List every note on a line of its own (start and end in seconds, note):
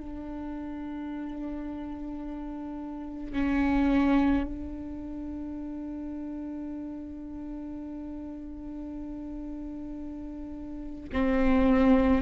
0.00 3.33 D4
3.33 4.44 C#4
4.44 11.11 D4
11.13 12.22 C4